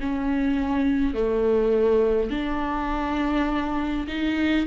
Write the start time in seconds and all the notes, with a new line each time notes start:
0.00 C#4
1.14 A3
2.30 D4
4.07 D#4